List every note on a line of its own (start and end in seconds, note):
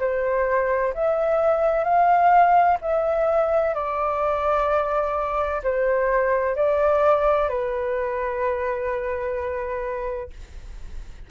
0.00 0.94 C5
0.94 1.85 E5
1.85 2.78 F5
2.82 3.75 E5
3.75 5.62 D5
5.63 6.56 C5
6.56 7.49 D5
7.49 10.30 B4